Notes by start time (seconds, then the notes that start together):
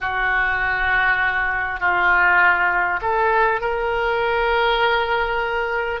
0.01 F#4
1.80 F4
3.01 A4
3.60 A#4